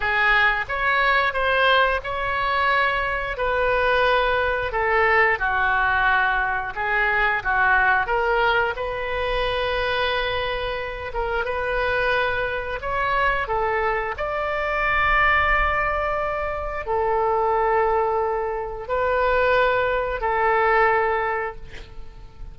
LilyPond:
\new Staff \with { instrumentName = "oboe" } { \time 4/4 \tempo 4 = 89 gis'4 cis''4 c''4 cis''4~ | cis''4 b'2 a'4 | fis'2 gis'4 fis'4 | ais'4 b'2.~ |
b'8 ais'8 b'2 cis''4 | a'4 d''2.~ | d''4 a'2. | b'2 a'2 | }